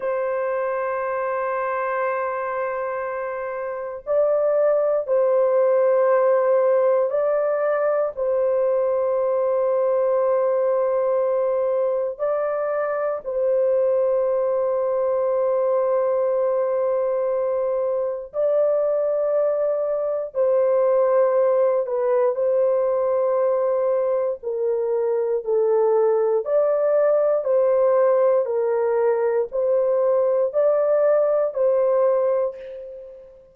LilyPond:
\new Staff \with { instrumentName = "horn" } { \time 4/4 \tempo 4 = 59 c''1 | d''4 c''2 d''4 | c''1 | d''4 c''2.~ |
c''2 d''2 | c''4. b'8 c''2 | ais'4 a'4 d''4 c''4 | ais'4 c''4 d''4 c''4 | }